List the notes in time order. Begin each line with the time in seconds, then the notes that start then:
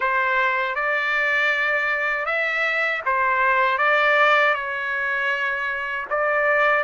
0.00 C5
0.75 D5
2.25 E5
3.05 C5
3.78 D5
4.54 C#5
6.10 D5